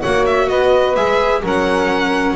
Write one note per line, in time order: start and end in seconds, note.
0.00 0.49 A#3
0.00 0.96 F#4
0.00 0.47 C#5
0.00 0.25 F#5
0.26 0.49 E5
0.49 0.96 B3
0.49 1.42 B4
0.49 0.96 D#5
0.96 1.43 G#3
0.96 1.43 G#4
0.96 1.42 E5
1.42 2.37 F#3
1.42 2.37 C#4
1.42 2.36 A#4
1.42 2.37 F#5